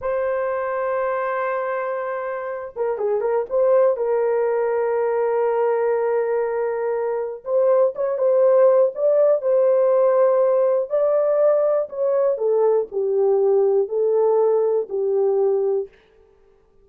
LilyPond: \new Staff \with { instrumentName = "horn" } { \time 4/4 \tempo 4 = 121 c''1~ | c''4. ais'8 gis'8 ais'8 c''4 | ais'1~ | ais'2. c''4 |
cis''8 c''4. d''4 c''4~ | c''2 d''2 | cis''4 a'4 g'2 | a'2 g'2 | }